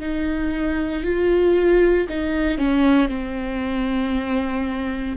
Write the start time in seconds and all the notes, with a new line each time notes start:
0.00 D#4
1.03 F4
2.09 D#4
2.58 C#4
3.08 C4